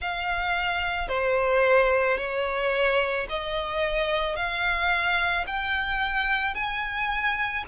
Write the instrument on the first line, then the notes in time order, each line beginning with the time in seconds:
violin
0.00 F5
1.08 C5
2.17 C#5
3.29 D#5
4.36 F5
5.46 G5
6.55 G#5